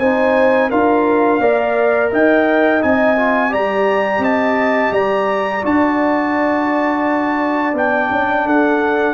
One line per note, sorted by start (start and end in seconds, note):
0.00 0.71 C4
0.00 0.72 D#4
0.00 0.70 C5
0.00 0.71 G#5
0.70 1.40 D4
0.70 1.42 F4
0.70 1.41 A#4
0.70 2.12 F5
1.40 2.10 A#3
1.40 2.81 A#4
1.40 2.11 D5
2.12 2.83 D#4
2.12 3.52 D#5
2.12 2.83 G5
2.81 3.54 C4
2.81 3.16 D#4
2.81 3.54 G#5
3.17 3.50 F4
3.50 4.19 G3
3.50 5.62 G4
3.50 4.22 D5
3.50 4.24 A#5
4.19 4.90 C4
4.19 4.93 D#5
4.19 4.94 A5
4.92 5.62 G3
4.92 8.46 D5
4.92 5.64 A#5
5.63 7.74 D4
5.63 7.75 F#4
5.63 7.78 A5
7.74 8.10 B3
7.74 9.15 D4
7.74 8.48 G5
8.11 8.46 C#4
8.46 9.15 D4
8.46 9.15 A4
8.46 9.15 F#5